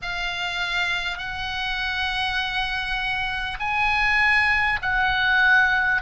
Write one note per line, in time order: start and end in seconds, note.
0.02 1.17 F5
1.17 3.57 F#5
3.59 4.79 G#5
4.82 6.02 F#5